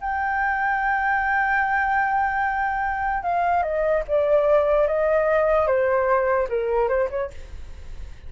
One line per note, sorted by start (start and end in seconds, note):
0.00 3.23 G5
3.23 3.62 F5
3.62 4.03 D#5
4.08 4.87 D5
4.87 5.66 D#5
5.66 6.48 C5
6.49 6.88 A#4
6.88 7.09 C5
7.09 7.30 C#5